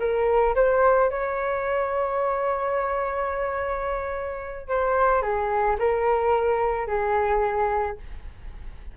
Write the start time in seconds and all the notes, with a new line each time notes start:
0.00 A#4
0.56 C5
1.11 C#5
4.68 C5
5.22 G#4
5.79 A#4
6.87 G#4